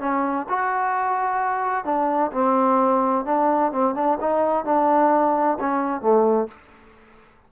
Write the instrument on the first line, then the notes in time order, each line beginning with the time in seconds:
trombone
0.00 C#4
0.49 F#4
1.85 D4
2.33 C4
3.26 D4
3.72 C4
3.95 D4
4.21 D#4
4.65 D4
5.60 C#4
6.02 A3